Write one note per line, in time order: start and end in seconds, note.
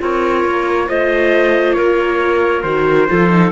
0.00 0.45 C4
0.00 0.88 F4
0.00 0.87 A#4
0.00 0.89 C#5
0.45 0.89 A#3
0.87 1.78 A3
0.87 2.64 F4
0.87 1.76 C5
0.87 1.73 D#5
1.73 2.64 A#3
1.73 3.09 A#4
1.73 2.62 C#5
2.63 3.08 D#3
2.63 3.09 F#4
2.63 3.51 C5
3.09 3.52 F3
3.09 3.30 F4
3.09 3.52 A4
3.30 3.52 D#4